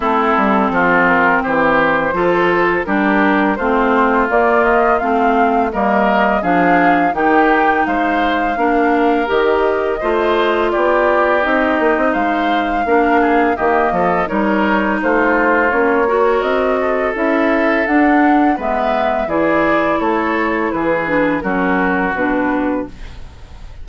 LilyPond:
<<
  \new Staff \with { instrumentName = "flute" } { \time 4/4 \tempo 4 = 84 a'4. ais'8 c''2 | ais'4 c''4 d''8 dis''8 f''4 | dis''4 f''4 g''4 f''4~ | f''4 dis''2 d''4 |
dis''4 f''2 dis''4 | cis''4 c''4 cis''4 dis''4 | e''4 fis''4 e''4 d''4 | cis''4 b'4 ais'4 b'4 | }
  \new Staff \with { instrumentName = "oboe" } { \time 4/4 e'4 f'4 g'4 a'4 | g'4 f'2. | ais'4 gis'4 g'4 c''4 | ais'2 c''4 g'4~ |
g'4 c''4 ais'8 gis'8 g'8 a'8 | ais'4 f'4. ais'4 a'8~ | a'2 b'4 gis'4 | a'4 gis'4 fis'2 | }
  \new Staff \with { instrumentName = "clarinet" } { \time 4/4 c'2. f'4 | d'4 c'4 ais4 c'4 | ais4 d'4 dis'2 | d'4 g'4 f'2 |
dis'2 d'4 ais4 | dis'2 cis'8 fis'4. | e'4 d'4 b4 e'4~ | e'4. d'8 cis'4 d'4 | }
  \new Staff \with { instrumentName = "bassoon" } { \time 4/4 a8 g8 f4 e4 f4 | g4 a4 ais4 a4 | g4 f4 dis4 gis4 | ais4 dis4 a4 b4 |
c'8 ais16 c'16 gis4 ais4 dis8 f8 | g4 a4 ais4 c'4 | cis'4 d'4 gis4 e4 | a4 e4 fis4 b,4 | }
>>